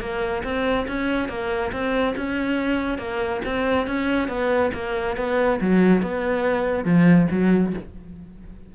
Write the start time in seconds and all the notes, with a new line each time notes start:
0.00 A#3
0.43 C4
0.87 C#4
1.29 A#3
1.72 C4
2.16 C#4
2.98 A#3
3.45 C4
3.87 C#4
4.28 B3
4.74 A#3
5.17 B3
5.60 F#3
6.02 B3
6.85 F3
7.30 F#3